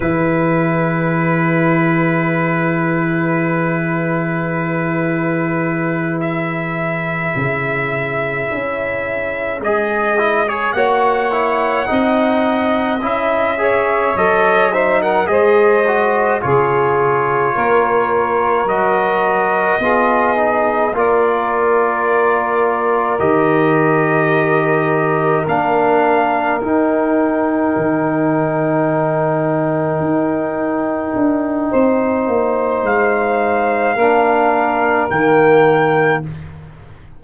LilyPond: <<
  \new Staff \with { instrumentName = "trumpet" } { \time 4/4 \tempo 4 = 53 b'1~ | b'4. e''2~ e''8~ | e''8 dis''8. cis''16 fis''2 e''8~ | e''8 dis''8 e''16 fis''16 dis''4 cis''4.~ |
cis''8 dis''2 d''4.~ | d''8 dis''2 f''4 g''8~ | g''1~ | g''4 f''2 g''4 | }
  \new Staff \with { instrumentName = "saxophone" } { \time 4/4 gis'1~ | gis'1~ | gis'4. cis''4 dis''4. | cis''4 c''16 ais'16 c''4 gis'4 ais'8~ |
ais'4. gis'4 ais'4.~ | ais'1~ | ais'1 | c''2 ais'2 | }
  \new Staff \with { instrumentName = "trombone" } { \time 4/4 e'1~ | e'1~ | e'8 gis'8 e'16 gis'16 fis'8 e'8 dis'4 e'8 | gis'8 a'8 dis'8 gis'8 fis'8 f'4.~ |
f'8 fis'4 f'8 dis'8 f'4.~ | f'8 g'2 d'4 dis'8~ | dis'1~ | dis'2 d'4 ais4 | }
  \new Staff \with { instrumentName = "tuba" } { \time 4/4 e1~ | e2~ e8 cis4 cis'8~ | cis'8 gis4 ais4 c'4 cis'8~ | cis'8 fis4 gis4 cis4 ais8~ |
ais8 fis4 b4 ais4.~ | ais8 dis2 ais4 dis'8~ | dis'8 dis2 dis'4 d'8 | c'8 ais8 gis4 ais4 dis4 | }
>>